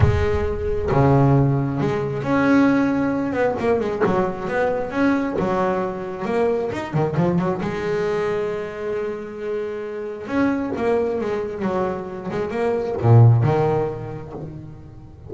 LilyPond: \new Staff \with { instrumentName = "double bass" } { \time 4/4 \tempo 4 = 134 gis2 cis2 | gis4 cis'2~ cis'8 b8 | ais8 gis8 fis4 b4 cis'4 | fis2 ais4 dis'8 dis8 |
f8 fis8 gis2.~ | gis2. cis'4 | ais4 gis4 fis4. gis8 | ais4 ais,4 dis2 | }